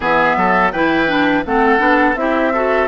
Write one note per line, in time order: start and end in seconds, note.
0.00 0.35 E3
0.00 0.73 B3
0.00 0.36 G#4
0.00 0.71 E5
0.36 0.72 F#3
0.36 0.72 A4
0.71 1.44 E3
0.71 1.07 E4
0.71 1.44 B4
0.71 1.44 G5
1.07 1.43 D4
1.45 1.79 A3
1.45 1.78 C4
1.45 2.19 A4
1.45 2.15 F#5
1.78 2.15 B3
1.78 2.14 D4
2.15 2.88 C4
2.15 2.53 E4
2.15 2.53 G4
2.15 2.87 E5
2.53 2.88 F#4
2.53 2.88 A4